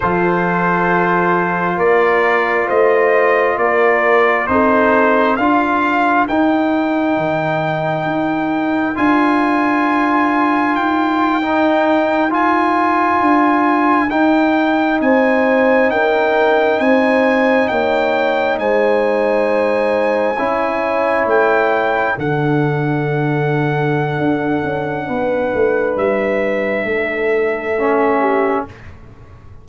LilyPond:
<<
  \new Staff \with { instrumentName = "trumpet" } { \time 4/4 \tempo 4 = 67 c''2 d''4 dis''4 | d''4 c''4 f''4 g''4~ | g''2 gis''2 | g''4.~ g''16 gis''2 g''16~ |
g''8. gis''4 g''4 gis''4 g''16~ | g''8. gis''2. g''16~ | g''8. fis''2.~ fis''16~ | fis''4 e''2. | }
  \new Staff \with { instrumentName = "horn" } { \time 4/4 a'2 ais'4 c''4 | ais'4 a'4 ais'2~ | ais'1~ | ais'1~ |
ais'8. c''4 ais'4 c''4 cis''16~ | cis''8. c''2 cis''4~ cis''16~ | cis''8. a'2.~ a'16 | b'2 a'4. g'8 | }
  \new Staff \with { instrumentName = "trombone" } { \time 4/4 f'1~ | f'4 dis'4 f'4 dis'4~ | dis'2 f'2~ | f'8. dis'4 f'2 dis'16~ |
dis'1~ | dis'2~ dis'8. e'4~ e'16~ | e'8. d'2.~ d'16~ | d'2. cis'4 | }
  \new Staff \with { instrumentName = "tuba" } { \time 4/4 f2 ais4 a4 | ais4 c'4 d'4 dis'4 | dis4 dis'4 d'2 | dis'2~ dis'8. d'4 dis'16~ |
dis'8. c'4 cis'4 c'4 ais16~ | ais8. gis2 cis'4 a16~ | a8. d2~ d16 d'8 cis'8 | b8 a8 g4 a2 | }
>>